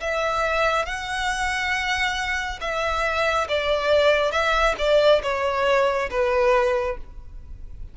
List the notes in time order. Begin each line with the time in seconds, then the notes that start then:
0.00 E5
0.86 F#5
2.60 E5
3.48 D5
4.31 E5
4.78 D5
5.23 C#5
6.10 B4